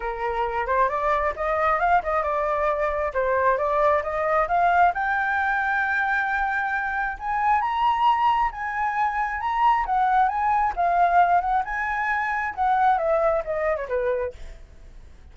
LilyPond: \new Staff \with { instrumentName = "flute" } { \time 4/4 \tempo 4 = 134 ais'4. c''8 d''4 dis''4 | f''8 dis''8 d''2 c''4 | d''4 dis''4 f''4 g''4~ | g''1 |
gis''4 ais''2 gis''4~ | gis''4 ais''4 fis''4 gis''4 | f''4. fis''8 gis''2 | fis''4 e''4 dis''8. cis''16 b'4 | }